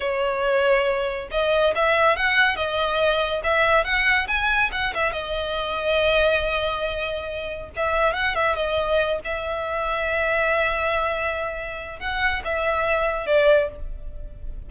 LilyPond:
\new Staff \with { instrumentName = "violin" } { \time 4/4 \tempo 4 = 140 cis''2. dis''4 | e''4 fis''4 dis''2 | e''4 fis''4 gis''4 fis''8 e''8 | dis''1~ |
dis''2 e''4 fis''8 e''8 | dis''4. e''2~ e''8~ | e''1 | fis''4 e''2 d''4 | }